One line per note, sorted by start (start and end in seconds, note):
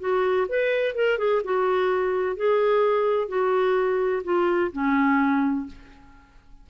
0.00 0.47 F#4
0.49 0.95 B4
0.95 1.18 A#4
1.18 1.42 G#4
1.45 2.36 F#4
2.36 3.28 G#4
3.28 4.23 F#4
4.24 4.71 F4
4.72 5.67 C#4